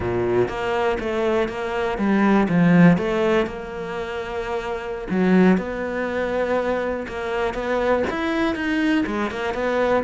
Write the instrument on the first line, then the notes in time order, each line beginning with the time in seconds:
cello
0.00 A#2
0.48 A#3
1.00 A3
1.48 A#3
1.97 G3
2.48 F3
2.97 A3
3.46 A#3
5.10 F#3
5.57 B3
7.08 A#3
7.54 B3
8.10 E4
8.55 D#4
9.06 G#3
9.30 A#3
9.54 B3